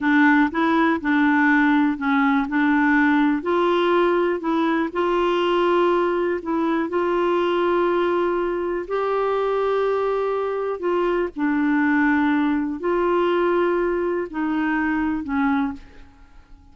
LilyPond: \new Staff \with { instrumentName = "clarinet" } { \time 4/4 \tempo 4 = 122 d'4 e'4 d'2 | cis'4 d'2 f'4~ | f'4 e'4 f'2~ | f'4 e'4 f'2~ |
f'2 g'2~ | g'2 f'4 d'4~ | d'2 f'2~ | f'4 dis'2 cis'4 | }